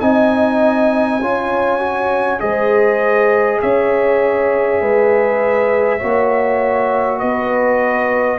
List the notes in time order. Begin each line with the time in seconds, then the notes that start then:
0.00 C4 D#4 D#5 G#5
1.21 C#4 F4 C#5
1.79 F#4
2.39 G#3 G#4 C5 D#5
3.61 C#4 C#5 E5
4.81 G#3 B4
5.99 A#3 F#4 C#5
7.19 B3 B4 D#5